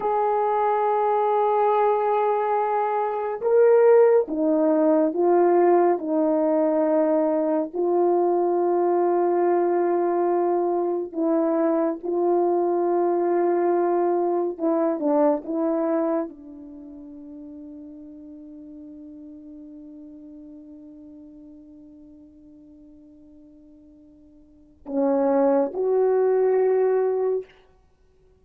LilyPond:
\new Staff \with { instrumentName = "horn" } { \time 4/4 \tempo 4 = 70 gis'1 | ais'4 dis'4 f'4 dis'4~ | dis'4 f'2.~ | f'4 e'4 f'2~ |
f'4 e'8 d'8 e'4 d'4~ | d'1~ | d'1~ | d'4 cis'4 fis'2 | }